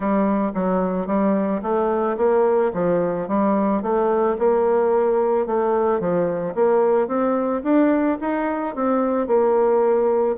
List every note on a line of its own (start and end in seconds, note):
0.00 0.51 G3
0.54 1.06 F#3
1.06 1.61 G3
1.62 2.16 A3
2.17 2.71 A#3
2.73 3.28 F3
3.28 3.82 G3
3.82 4.37 A3
4.38 5.46 A#3
5.46 6.00 A3
6.00 6.54 F3
6.54 7.07 A#3
7.07 7.62 C4
7.63 8.18 D4
8.20 8.75 D#4
8.75 9.27 C4
9.27 10.36 A#3